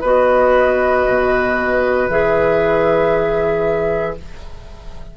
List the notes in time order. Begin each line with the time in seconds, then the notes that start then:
0.00 B3 F#4 B4 D#5
1.07 B2
2.09 E3 G#4 E5